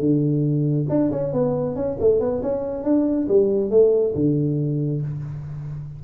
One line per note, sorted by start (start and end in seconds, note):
0.00 0.87 D3
0.90 1.11 D4
1.12 1.33 C#4
1.33 1.76 B3
1.76 1.98 C#4
2.00 2.20 A3
2.20 2.42 B3
2.43 2.84 C#4
2.84 3.28 D4
3.29 3.71 G3
3.71 4.14 A3
4.15 5.02 D3